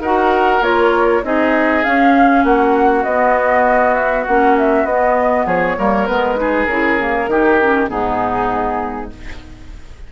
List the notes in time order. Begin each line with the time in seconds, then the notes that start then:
0.00 D#4 F#4 A#4 F#5
0.61 A#3 F4 C#5
1.24 C4 D#4 G#4 D#5
1.84 C#4 F5
2.44 A#3 F#4 F#5
3.04 B3 D#5
3.95 E5
4.27 A#3 C#4 F#5
4.58 E5
4.84 B3 D#5
5.46 F3 G#4 C#5
5.77 G3 A#3 A#4
6.07 G#3 B3 B4
6.36 D#4 G#4
6.66 C#3 E4 A#4
6.99 A#3
7.28 D#3 D#4 G4
7.61 C#4
7.88 G#2 B3 D#4 G#4